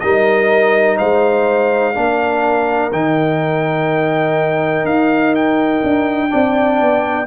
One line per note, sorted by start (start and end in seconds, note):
0.00 0.99 G3
0.00 1.94 D#4
0.00 0.98 A#4
0.00 0.97 D#5
0.98 1.97 G#3
0.98 1.94 C5
0.98 2.92 F5
1.94 2.93 A#3
1.94 2.91 D4
1.94 6.30 A#4
2.93 4.85 D#3
2.93 6.29 D#4
2.93 4.86 G5
4.85 5.82 D#4
4.85 5.34 F5
5.35 7.27 G5
5.84 6.32 D4
6.29 6.81 C4
6.29 7.26 D4
6.29 7.26 D5
6.81 7.27 B3